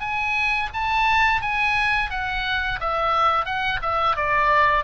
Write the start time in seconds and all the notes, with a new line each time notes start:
0.00 G#5
0.73 A5
1.42 G#5
2.10 F#5
2.80 E5
3.45 F#5
3.82 E5
4.16 D5